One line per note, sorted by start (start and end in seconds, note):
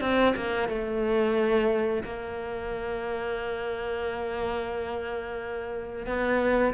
0.00 0.34 C4
0.36 0.68 A#3
0.68 2.03 A3
2.03 6.06 A#3
6.06 6.73 B3